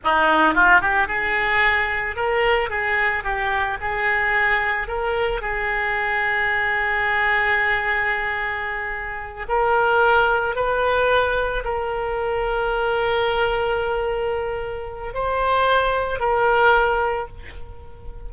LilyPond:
\new Staff \with { instrumentName = "oboe" } { \time 4/4 \tempo 4 = 111 dis'4 f'8 g'8 gis'2 | ais'4 gis'4 g'4 gis'4~ | gis'4 ais'4 gis'2~ | gis'1~ |
gis'4. ais'2 b'8~ | b'4. ais'2~ ais'8~ | ais'1 | c''2 ais'2 | }